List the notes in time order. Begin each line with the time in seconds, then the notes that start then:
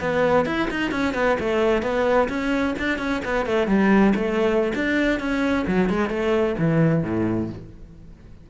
0.00 B3
0.45 E4
0.70 D#4
0.91 C#4
1.13 B3
1.39 A3
1.82 B3
2.28 C#4
2.78 D4
2.98 C#4
3.24 B3
3.46 A3
3.67 G3
4.15 A3
4.75 D4
5.19 C#4
5.67 F#3
5.90 G#3
6.09 A3
6.58 E3
7.03 A2